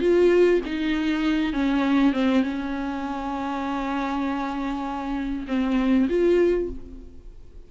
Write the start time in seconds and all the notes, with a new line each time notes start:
0.00 F4
0.65 D#4
1.53 C#4
2.13 C4
2.43 C#4
5.47 C4
6.09 F4